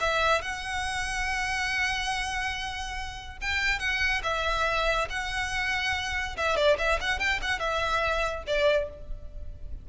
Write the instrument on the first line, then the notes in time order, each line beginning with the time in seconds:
violin
0.00 E5
0.42 F#5
3.41 G5
3.79 F#5
4.23 E5
5.10 F#5
6.37 E5
6.56 D5
6.78 E5
7.01 F#5
7.19 G5
7.42 F#5
7.59 E5
8.47 D5